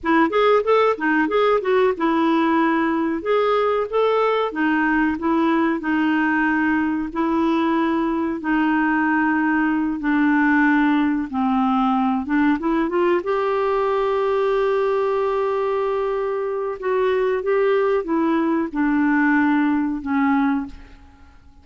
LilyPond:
\new Staff \with { instrumentName = "clarinet" } { \time 4/4 \tempo 4 = 93 e'8 gis'8 a'8 dis'8 gis'8 fis'8 e'4~ | e'4 gis'4 a'4 dis'4 | e'4 dis'2 e'4~ | e'4 dis'2~ dis'8 d'8~ |
d'4. c'4. d'8 e'8 | f'8 g'2.~ g'8~ | g'2 fis'4 g'4 | e'4 d'2 cis'4 | }